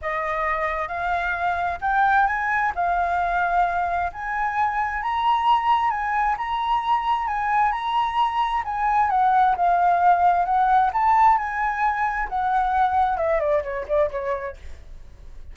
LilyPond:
\new Staff \with { instrumentName = "flute" } { \time 4/4 \tempo 4 = 132 dis''2 f''2 | g''4 gis''4 f''2~ | f''4 gis''2 ais''4~ | ais''4 gis''4 ais''2 |
gis''4 ais''2 gis''4 | fis''4 f''2 fis''4 | a''4 gis''2 fis''4~ | fis''4 e''8 d''8 cis''8 d''8 cis''4 | }